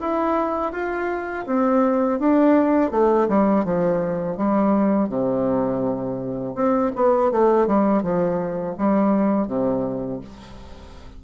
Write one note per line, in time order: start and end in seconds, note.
0.00 0.72 E4
0.72 1.45 F4
1.46 2.19 C4
2.19 2.91 D4
2.91 3.28 A3
3.28 3.65 G3
3.65 4.37 F3
4.37 5.09 G3
5.09 6.55 C3
6.55 6.91 C4
6.95 7.31 B3
7.31 7.67 A3
7.67 8.02 G3
8.02 8.75 F3
8.78 9.48 G3
9.48 10.21 C3